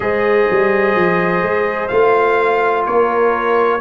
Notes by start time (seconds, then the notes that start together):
0.00 G#3 G#4 C5 D#5
0.49 G3
0.95 F3
1.42 G#3
1.88 A3 F4 F5
2.85 A#3 A#4 C#5